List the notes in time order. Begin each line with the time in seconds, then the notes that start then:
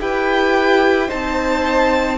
0.00 E4 G4 B4 G5
1.08 C4 D#4 C5 A5